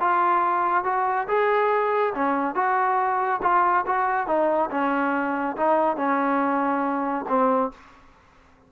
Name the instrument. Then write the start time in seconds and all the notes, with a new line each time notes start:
trombone
0.00 F4
0.84 F#4
1.28 G#4
2.15 C#4
2.55 F#4
3.42 F4
3.86 F#4
4.27 D#4
4.70 C#4
5.56 D#4
5.96 C#4
7.28 C4